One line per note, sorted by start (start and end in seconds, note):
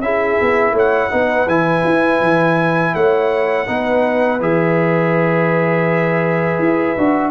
0.00 0.37 C#4
0.00 1.10 E4
0.00 0.73 G#4
0.00 0.74 E5
0.41 0.71 B3
0.71 1.08 A3
0.71 1.10 C#5
0.78 1.48 F#5
1.10 1.46 B3
1.10 1.47 D#4
1.10 2.94 B4
1.46 1.83 E3
1.46 3.66 E4
1.46 2.95 G#5
1.84 2.20 E4
2.20 2.93 E3
2.94 3.68 A3
2.94 3.67 C#5
2.94 4.41 F#5
3.66 4.40 B3
3.66 4.39 D#4
3.66 7.31 B4
4.40 6.59 E3
4.40 6.97 G#4
4.40 7.31 E5
6.59 6.95 E4
6.97 7.31 D4
6.97 7.31 F#4